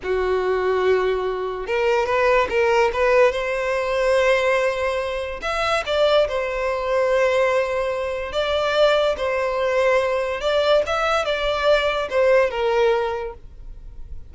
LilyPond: \new Staff \with { instrumentName = "violin" } { \time 4/4 \tempo 4 = 144 fis'1 | ais'4 b'4 ais'4 b'4 | c''1~ | c''4 e''4 d''4 c''4~ |
c''1 | d''2 c''2~ | c''4 d''4 e''4 d''4~ | d''4 c''4 ais'2 | }